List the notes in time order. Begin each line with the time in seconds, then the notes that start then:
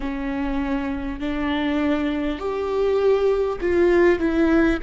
0.00 C#4
1.19 D4
2.38 G4
3.60 F4
4.19 E4